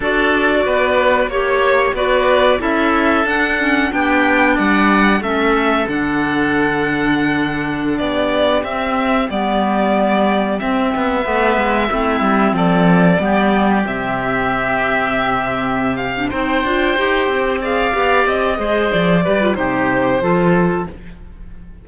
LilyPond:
<<
  \new Staff \with { instrumentName = "violin" } { \time 4/4 \tempo 4 = 92 d''2 cis''4 d''4 | e''4 fis''4 g''4 fis''4 | e''4 fis''2.~ | fis''16 d''4 e''4 d''4.~ d''16~ |
d''16 e''2. d''8.~ | d''4~ d''16 e''2~ e''8.~ | e''8 f''8 g''2 f''4 | dis''4 d''4 c''2 | }
  \new Staff \with { instrumentName = "oboe" } { \time 4/4 a'4 b'4 cis''4 b'4 | a'2 g'4 d''4 | a'1~ | a'16 g'2.~ g'8.~ |
g'4~ g'16 b'4 e'4 a'8.~ | a'16 g'2.~ g'8.~ | g'4 c''2 d''4~ | d''8 c''4 b'8 g'4 a'4 | }
  \new Staff \with { instrumentName = "clarinet" } { \time 4/4 fis'2 g'4 fis'4 | e'4 d'8 cis'8 d'2 | cis'4 d'2.~ | d'4~ d'16 c'4 b4.~ b16~ |
b16 c'4 b4 c'4.~ c'16~ | c'16 b4 c'2~ c'8.~ | c'8. d'16 dis'8 f'8 g'4 gis'8 g'8~ | g'8 gis'4 g'16 f'16 dis'4 f'4 | }
  \new Staff \with { instrumentName = "cello" } { \time 4/4 d'4 b4 ais4 b4 | cis'4 d'4 b4 g4 | a4 d2.~ | d16 b4 c'4 g4.~ g16~ |
g16 c'8 b8 a8 gis8 a8 g8 f8.~ | f16 g4 c2~ c8.~ | c4 c'8 d'8 dis'8 c'4 b8 | c'8 gis8 f8 g8 c4 f4 | }
>>